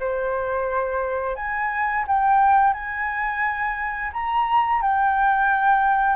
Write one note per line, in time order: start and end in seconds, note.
0.00 1.36 C5
1.36 2.05 G#5
2.08 2.74 G5
2.74 4.12 G#5
4.13 4.82 A#5
4.82 6.16 G5